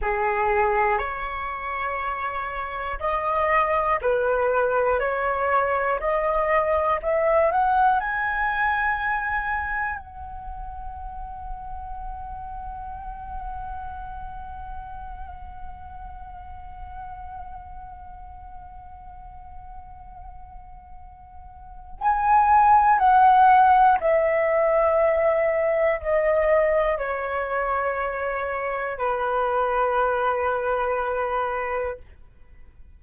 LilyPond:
\new Staff \with { instrumentName = "flute" } { \time 4/4 \tempo 4 = 60 gis'4 cis''2 dis''4 | b'4 cis''4 dis''4 e''8 fis''8 | gis''2 fis''2~ | fis''1~ |
fis''1~ | fis''2 gis''4 fis''4 | e''2 dis''4 cis''4~ | cis''4 b'2. | }